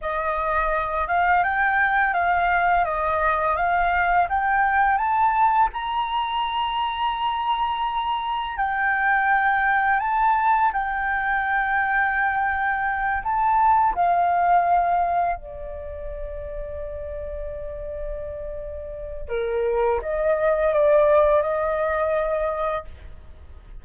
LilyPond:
\new Staff \with { instrumentName = "flute" } { \time 4/4 \tempo 4 = 84 dis''4. f''8 g''4 f''4 | dis''4 f''4 g''4 a''4 | ais''1 | g''2 a''4 g''4~ |
g''2~ g''8 a''4 f''8~ | f''4. d''2~ d''8~ | d''2. ais'4 | dis''4 d''4 dis''2 | }